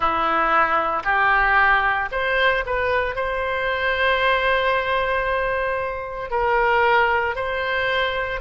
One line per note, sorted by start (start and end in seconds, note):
0.00 1.02 E4
1.04 2.09 G4
2.11 2.64 C5
2.66 3.15 B4
3.15 6.30 C5
6.30 7.35 A#4
7.35 8.40 C5